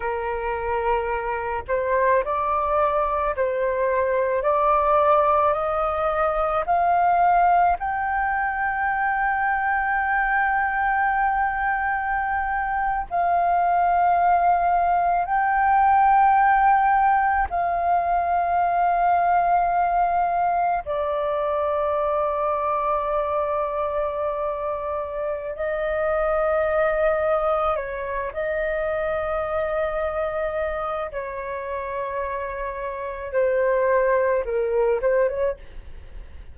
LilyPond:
\new Staff \with { instrumentName = "flute" } { \time 4/4 \tempo 4 = 54 ais'4. c''8 d''4 c''4 | d''4 dis''4 f''4 g''4~ | g''2.~ g''8. f''16~ | f''4.~ f''16 g''2 f''16~ |
f''2~ f''8. d''4~ d''16~ | d''2. dis''4~ | dis''4 cis''8 dis''2~ dis''8 | cis''2 c''4 ais'8 c''16 cis''16 | }